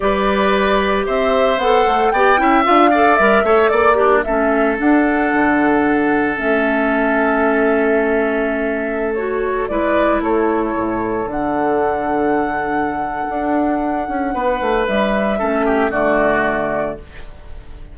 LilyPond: <<
  \new Staff \with { instrumentName = "flute" } { \time 4/4 \tempo 4 = 113 d''2 e''4 fis''4 | g''4 f''4 e''4 d''4 | e''4 fis''2. | e''1~ |
e''4~ e''16 cis''4 d''4 cis''8.~ | cis''4~ cis''16 fis''2~ fis''8.~ | fis''1 | e''2 d''2 | }
  \new Staff \with { instrumentName = "oboe" } { \time 4/4 b'2 c''2 | d''8 e''4 d''4 cis''8 d''8 d'8 | a'1~ | a'1~ |
a'2~ a'16 b'4 a'8.~ | a'1~ | a'2. b'4~ | b'4 a'8 g'8 fis'2 | }
  \new Staff \with { instrumentName = "clarinet" } { \time 4/4 g'2. a'4 | g'8 e'8 f'8 a'8 ais'8 a'4 g'8 | cis'4 d'2. | cis'1~ |
cis'4~ cis'16 fis'4 e'4.~ e'16~ | e'4~ e'16 d'2~ d'8.~ | d'1~ | d'4 cis'4 a2 | }
  \new Staff \with { instrumentName = "bassoon" } { \time 4/4 g2 c'4 b8 a8 | b8 cis'8 d'4 g8 a8 ais4 | a4 d'4 d2 | a1~ |
a2~ a16 gis4 a8.~ | a16 a,4 d2~ d8.~ | d4 d'4. cis'8 b8 a8 | g4 a4 d2 | }
>>